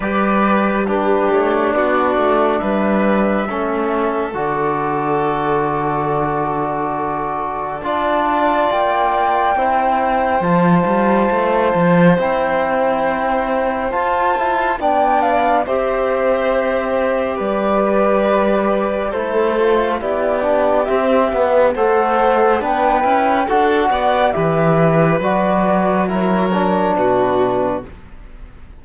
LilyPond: <<
  \new Staff \with { instrumentName = "flute" } { \time 4/4 \tempo 4 = 69 d''4 b'8 cis''8 d''4 e''4~ | e''4 d''2.~ | d''4 a''4 g''2 | a''2 g''2 |
a''4 g''8 f''8 e''2 | d''2 c''4 d''4 | e''4 fis''4 g''4 fis''4 | e''4 d''4 cis''4 b'4 | }
  \new Staff \with { instrumentName = "violin" } { \time 4/4 b'4 g'4 fis'4 b'4 | a'1~ | a'4 d''2 c''4~ | c''1~ |
c''4 d''4 c''2 | b'2 a'4 g'4~ | g'4 c''4 b'4 a'8 d''8 | b'2 ais'4 fis'4 | }
  \new Staff \with { instrumentName = "trombone" } { \time 4/4 g'4 d'2. | cis'4 fis'2.~ | fis'4 f'2 e'4 | f'2 e'2 |
f'8 e'8 d'4 g'2~ | g'2 e'8 f'8 e'8 d'8 | c'8 b8 a'4 d'8 e'8 fis'4 | g'4 fis'4 e'8 d'4. | }
  \new Staff \with { instrumentName = "cello" } { \time 4/4 g4. a8 b8 a8 g4 | a4 d2.~ | d4 d'4 ais4 c'4 | f8 g8 a8 f8 c'2 |
f'4 b4 c'2 | g2 a4 b4 | c'8 b8 a4 b8 cis'8 d'8 b8 | e4 fis2 b,4 | }
>>